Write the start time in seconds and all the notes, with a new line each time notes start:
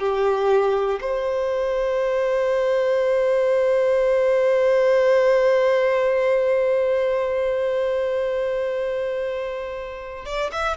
0.00 G4
1.02 C5
10.26 D5
10.52 E5